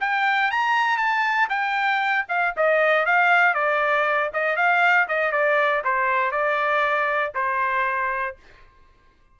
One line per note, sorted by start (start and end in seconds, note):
0.00 0.51 G5
0.51 0.97 A#5
0.97 1.48 A5
1.49 2.25 G5
2.28 2.54 F5
2.56 3.06 D#5
3.06 3.54 F5
3.54 4.30 D5
4.33 4.56 D#5
4.56 5.07 F5
5.08 5.32 D#5
5.32 5.83 D5
5.84 6.31 C5
6.31 7.33 D5
7.35 8.36 C5